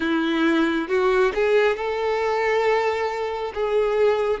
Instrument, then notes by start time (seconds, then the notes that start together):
violin
0.00 E4
0.88 F#4
1.34 G#4
1.76 A4
3.54 G#4